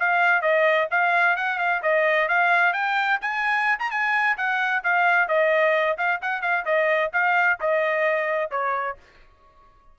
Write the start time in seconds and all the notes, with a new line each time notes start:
0.00 F5
0.42 D#5
0.91 F5
1.37 F#5
1.59 F5
1.83 D#5
2.29 F5
2.74 G5
3.22 G#5
3.80 A#5
3.91 G#5
4.38 F#5
4.84 F5
5.28 D#5
5.98 F5
6.22 F#5
6.42 F5
6.65 D#5
7.13 F5
7.61 D#5
8.51 C#5